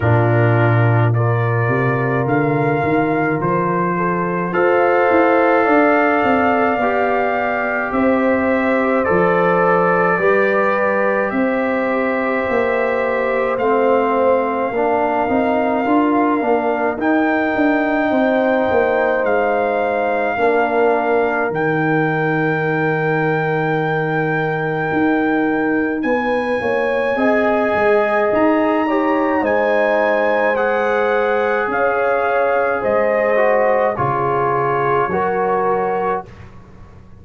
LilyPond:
<<
  \new Staff \with { instrumentName = "trumpet" } { \time 4/4 \tempo 4 = 53 ais'4 d''4 f''4 c''4 | f''2. e''4 | d''2 e''2 | f''2. g''4~ |
g''4 f''2 g''4~ | g''2. gis''4~ | gis''4 ais''4 gis''4 fis''4 | f''4 dis''4 cis''2 | }
  \new Staff \with { instrumentName = "horn" } { \time 4/4 f'4 ais'2~ ais'8 a'8 | c''4 d''2 c''4~ | c''4 b'4 c''2~ | c''4 ais'2. |
c''2 ais'2~ | ais'2. b'8 cis''8 | dis''4. cis''8 c''2 | cis''4 c''4 gis'4 ais'4 | }
  \new Staff \with { instrumentName = "trombone" } { \time 4/4 d'4 f'2. | a'2 g'2 | a'4 g'2. | c'4 d'8 dis'8 f'8 d'8 dis'4~ |
dis'2 d'4 dis'4~ | dis'1 | gis'4. g'8 dis'4 gis'4~ | gis'4. fis'8 f'4 fis'4 | }
  \new Staff \with { instrumentName = "tuba" } { \time 4/4 ais,4. c8 d8 dis8 f4 | f'8 e'8 d'8 c'8 b4 c'4 | f4 g4 c'4 ais4 | a4 ais8 c'8 d'8 ais8 dis'8 d'8 |
c'8 ais8 gis4 ais4 dis4~ | dis2 dis'4 b8 ais8 | c'8 gis8 dis'4 gis2 | cis'4 gis4 cis4 fis4 | }
>>